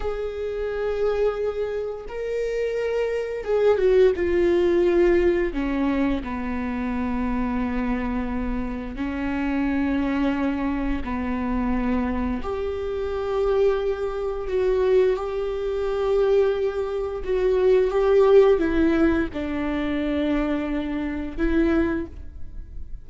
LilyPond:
\new Staff \with { instrumentName = "viola" } { \time 4/4 \tempo 4 = 87 gis'2. ais'4~ | ais'4 gis'8 fis'8 f'2 | cis'4 b2.~ | b4 cis'2. |
b2 g'2~ | g'4 fis'4 g'2~ | g'4 fis'4 g'4 e'4 | d'2. e'4 | }